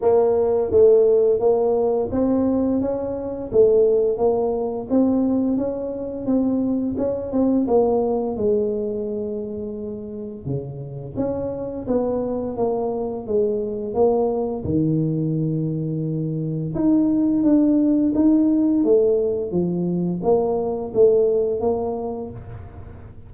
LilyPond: \new Staff \with { instrumentName = "tuba" } { \time 4/4 \tempo 4 = 86 ais4 a4 ais4 c'4 | cis'4 a4 ais4 c'4 | cis'4 c'4 cis'8 c'8 ais4 | gis2. cis4 |
cis'4 b4 ais4 gis4 | ais4 dis2. | dis'4 d'4 dis'4 a4 | f4 ais4 a4 ais4 | }